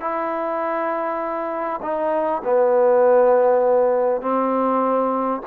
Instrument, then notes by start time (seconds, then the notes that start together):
trombone
0.00 E4
1.82 D#4
2.44 B3
4.21 C4